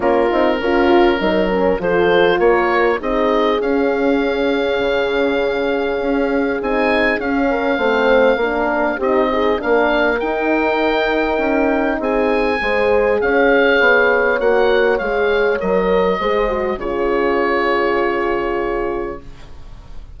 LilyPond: <<
  \new Staff \with { instrumentName = "oboe" } { \time 4/4 \tempo 4 = 100 ais'2. c''4 | cis''4 dis''4 f''2~ | f''2. gis''4 | f''2. dis''4 |
f''4 g''2. | gis''2 f''2 | fis''4 f''4 dis''2 | cis''1 | }
  \new Staff \with { instrumentName = "horn" } { \time 4/4 f'4 ais'8 f'8 ais'4 a'4 | ais'4 gis'2.~ | gis'1~ | gis'8 ais'8 c''4 ais'4 g'8 dis'8 |
ais'1 | gis'4 c''4 cis''2~ | cis''2. c''4 | gis'1 | }
  \new Staff \with { instrumentName = "horn" } { \time 4/4 cis'8 dis'8 f'4 dis'8 cis'8 f'4~ | f'4 dis'4 cis'2~ | cis'2. dis'4 | cis'4 c'4 d'4 dis'8 gis'8 |
d'4 dis'2.~ | dis'4 gis'2. | fis'4 gis'4 ais'4 gis'8 fis'8 | f'1 | }
  \new Staff \with { instrumentName = "bassoon" } { \time 4/4 ais8 c'8 cis'4 fis4 f4 | ais4 c'4 cis'2 | cis2 cis'4 c'4 | cis'4 a4 ais4 c'4 |
ais4 dis'2 cis'4 | c'4 gis4 cis'4 b4 | ais4 gis4 fis4 gis4 | cis1 | }
>>